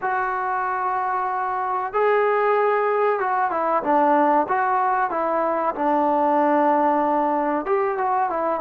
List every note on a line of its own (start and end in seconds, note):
0.01 1.93 F#4
1.93 3.19 G#4
3.19 3.50 F#4
3.50 3.82 E4
3.83 4.47 D4
4.48 5.10 F#4
5.10 5.74 E4
5.74 7.65 D4
7.65 7.97 G4
7.97 8.29 F#4
8.29 8.60 E4